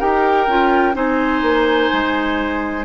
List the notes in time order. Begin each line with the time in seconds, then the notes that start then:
0.00 D#4 G4 A#4 G5
0.48 C#4 F4
0.94 C4 D#4 C5 G#5
1.42 A#3
1.93 G#3